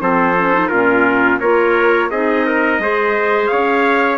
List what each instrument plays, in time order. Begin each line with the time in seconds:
0.00 bassoon F3, clarinet C4, trumpet A4 C5
0.38 clarinet C#4
0.54 clarinet D#4
0.68 bassoon A#2, clarinet C#4, trumpet F4 A#4
1.40 bassoon A#3, clarinet F4, trumpet A#4 C#5
2.11 bassoon C4, clarinet D#4, trumpet G#4 D#5
2.46 trumpet A#4
2.79 bassoon G#3, clarinet G#4, trumpet C5
3.47 bassoon C#4, trumpet C#5 F5